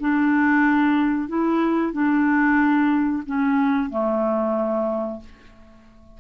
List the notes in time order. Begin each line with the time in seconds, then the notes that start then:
0.00 D4
1.28 E4
1.93 D4
3.26 C#4
3.90 A3